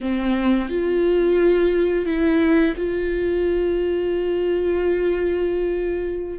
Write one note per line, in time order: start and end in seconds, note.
0.00 0.69 C4
0.69 2.05 F4
2.05 2.74 E4
2.76 6.39 F4